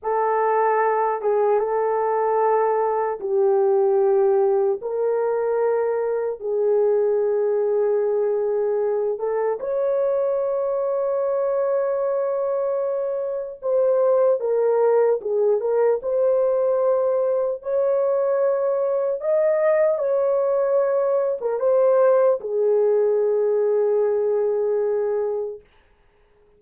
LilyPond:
\new Staff \with { instrumentName = "horn" } { \time 4/4 \tempo 4 = 75 a'4. gis'8 a'2 | g'2 ais'2 | gis'2.~ gis'8 a'8 | cis''1~ |
cis''4 c''4 ais'4 gis'8 ais'8 | c''2 cis''2 | dis''4 cis''4.~ cis''16 ais'16 c''4 | gis'1 | }